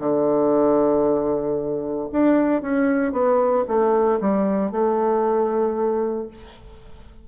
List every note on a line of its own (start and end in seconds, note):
0.00 2.09 D3
2.13 2.62 D4
2.62 3.13 C#4
3.13 3.65 B3
3.68 4.20 A3
4.21 4.72 G3
4.72 6.28 A3